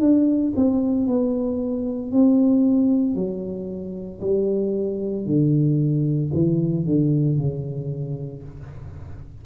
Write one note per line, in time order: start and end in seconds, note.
0.00 0.53 D4
0.56 1.07 C4
1.07 2.11 B3
2.11 3.15 C4
3.15 4.20 F#3
4.21 5.25 G3
5.25 6.31 D3
6.33 6.85 E3
6.85 7.37 D3
7.37 8.43 C#3